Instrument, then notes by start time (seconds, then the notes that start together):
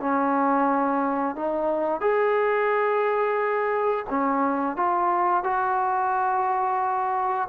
trombone
0.00 C#4
1.36 D#4
2.01 G#4
4.09 C#4
4.76 F4
5.44 F#4